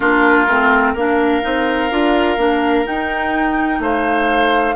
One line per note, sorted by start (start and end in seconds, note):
0.00 0.47 A#3
0.00 0.47 D4
0.00 0.93 F4
0.00 0.94 A#4
0.47 0.94 A3
0.47 0.96 C4
0.93 1.42 A#3
0.93 1.41 D4
0.93 3.79 A#4
0.93 2.86 F5
1.41 1.91 C4
1.41 1.89 D#4
1.90 2.37 D4
1.90 2.37 F4
2.37 2.84 A#3
2.37 2.84 D4
2.84 4.75 D#4
2.84 3.79 D#4
2.84 3.81 G5
3.79 4.74 A3
3.79 4.75 C5
3.79 4.75 F5